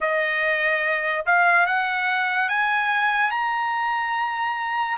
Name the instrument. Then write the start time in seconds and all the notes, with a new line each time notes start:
trumpet
0.00 D#5
1.25 F5
1.66 F#5
2.48 G#5
3.31 A#5